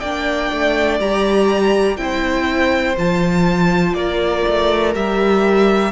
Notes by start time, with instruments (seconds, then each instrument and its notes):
0.00 cello A#3, viola D4, violin D5 G5
0.52 cello A3
1.00 cello G3, viola G4, violin A#5
1.97 cello C4, viola E4, violin C5 G5
2.97 cello F3, viola F4, violin A5
3.94 cello A#3, violin A#4 D5
4.48 cello A3
4.94 cello G3, viola G4, violin E5